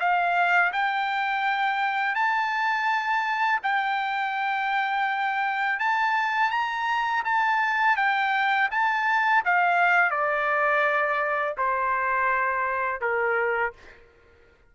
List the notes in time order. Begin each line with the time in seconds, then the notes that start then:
0.00 F5
0.73 G5
2.16 A5
3.63 G5
5.80 A5
6.51 A#5
7.25 A5
7.97 G5
8.71 A5
9.45 F5
10.11 D5
11.58 C5
13.01 A#4